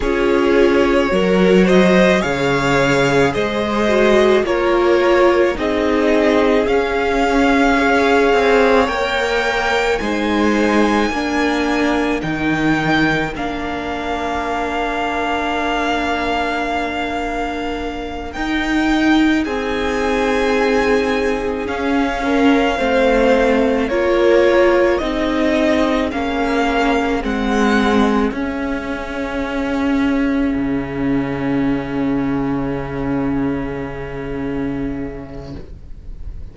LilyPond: <<
  \new Staff \with { instrumentName = "violin" } { \time 4/4 \tempo 4 = 54 cis''4. dis''8 f''4 dis''4 | cis''4 dis''4 f''2 | g''4 gis''2 g''4 | f''1~ |
f''8 g''4 gis''2 f''8~ | f''4. cis''4 dis''4 f''8~ | f''8 fis''4 e''2~ e''8~ | e''1 | }
  \new Staff \with { instrumentName = "violin" } { \time 4/4 gis'4 ais'8 c''8 cis''4 c''4 | ais'4 gis'2 cis''4~ | cis''4 c''4 ais'2~ | ais'1~ |
ais'4. gis'2~ gis'8 | ais'8 c''4 ais'4 gis'4.~ | gis'1~ | gis'1 | }
  \new Staff \with { instrumentName = "viola" } { \time 4/4 f'4 fis'4 gis'4. fis'8 | f'4 dis'4 cis'4 gis'4 | ais'4 dis'4 d'4 dis'4 | d'1~ |
d'8 dis'2. cis'8~ | cis'8 c'4 f'4 dis'4 cis'8~ | cis'8 c'4 cis'2~ cis'8~ | cis'1 | }
  \new Staff \with { instrumentName = "cello" } { \time 4/4 cis'4 fis4 cis4 gis4 | ais4 c'4 cis'4. c'8 | ais4 gis4 ais4 dis4 | ais1~ |
ais8 dis'4 c'2 cis'8~ | cis'8 a4 ais4 c'4 ais8~ | ais8 gis4 cis'2 cis8~ | cis1 | }
>>